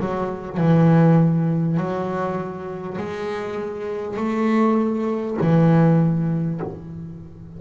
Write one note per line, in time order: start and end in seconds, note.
0.00 0.58 F#3
0.58 1.78 E3
1.78 2.98 F#3
2.98 4.17 G#3
4.17 5.37 A3
5.42 6.62 E3